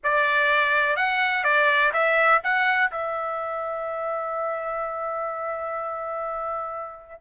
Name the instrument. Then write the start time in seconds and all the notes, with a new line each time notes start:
trumpet
0.03 D5
0.96 F#5
1.44 D5
1.93 E5
2.43 F#5
2.90 E5